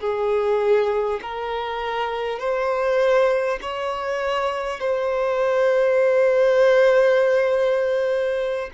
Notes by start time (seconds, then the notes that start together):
0.00 G#4
1.22 A#4
2.39 C5
3.61 C#5
4.79 C5